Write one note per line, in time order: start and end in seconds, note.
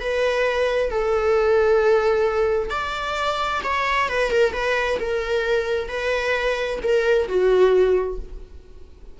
0.00 0.90 B4
0.90 2.70 A4
2.70 3.61 D5
3.64 4.09 C#5
4.09 4.31 B4
4.31 4.53 A#4
4.53 4.98 B4
4.99 5.88 A#4
5.88 6.79 B4
6.83 7.28 A#4
7.28 8.19 F#4